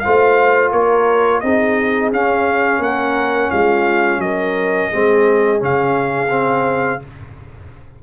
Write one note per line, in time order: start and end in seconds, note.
0.00 1.43 F4
0.00 0.72 C5
0.00 0.70 F5
0.06 0.73 A3
0.72 1.43 A#3
0.72 1.42 A#4
0.72 1.41 C#5
1.41 2.12 C4
1.41 2.13 D#4
1.41 2.82 G#4
1.41 2.10 D#5
2.12 2.79 C#4
2.12 4.93 C#4
2.12 2.83 F5
2.79 3.49 A#3
2.79 3.51 A#4
2.79 3.51 F#5
3.51 4.18 G#3
3.51 4.21 F4
3.51 4.21 F5
4.18 4.88 F#3
4.18 4.91 A#4
4.18 5.61 D#5
4.91 5.62 G#3
4.91 5.59 C4
4.91 7.00 G#4
5.59 7.02 C#3
5.59 6.29 C#4
5.59 7.03 F5
6.30 7.00 C4